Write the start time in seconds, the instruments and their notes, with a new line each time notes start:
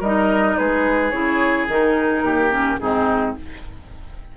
0.00 bassoon G3, clarinet D#4, oboe A#4, flute D#5
0.58 bassoon G#3, oboe G#4, flute B4
1.11 bassoon C#3, clarinet E4, flute C#5
1.69 bassoon D#3, clarinet D#4, flute A#4
2.23 bassoon D#2, oboe G4
2.50 clarinet C#4
2.79 bassoon G#2, clarinet C4, oboe D#4, flute G#4